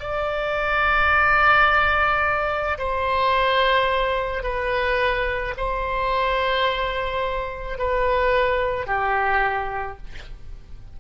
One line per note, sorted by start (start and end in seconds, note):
0.00 2.78 D5
2.78 4.43 C5
4.43 5.55 B4
5.57 7.78 C5
7.78 8.86 B4
8.86 9.97 G4